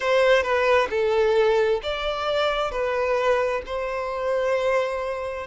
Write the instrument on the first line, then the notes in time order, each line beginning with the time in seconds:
violin
0.00 C5
0.42 B4
0.90 A4
1.82 D5
2.71 B4
3.66 C5